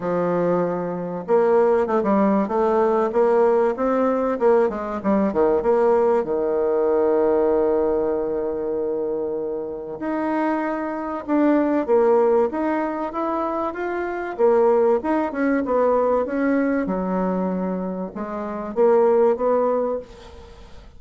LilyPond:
\new Staff \with { instrumentName = "bassoon" } { \time 4/4 \tempo 4 = 96 f2 ais4 a16 g8. | a4 ais4 c'4 ais8 gis8 | g8 dis8 ais4 dis2~ | dis1 |
dis'2 d'4 ais4 | dis'4 e'4 f'4 ais4 | dis'8 cis'8 b4 cis'4 fis4~ | fis4 gis4 ais4 b4 | }